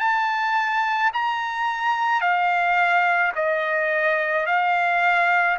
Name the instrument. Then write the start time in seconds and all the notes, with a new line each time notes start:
trumpet
0.00 A5
1.13 A#5
2.21 F5
3.35 D#5
4.46 F5